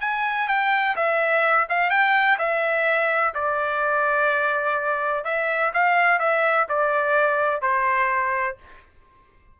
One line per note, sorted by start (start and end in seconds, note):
0.00 0.47 G#5
0.47 0.95 G5
0.95 1.67 E5
1.69 1.90 F5
1.90 2.37 G5
2.38 3.33 E5
3.34 5.24 D5
5.24 5.71 E5
5.73 6.19 F5
6.19 6.66 E5
6.68 7.61 D5
7.61 8.56 C5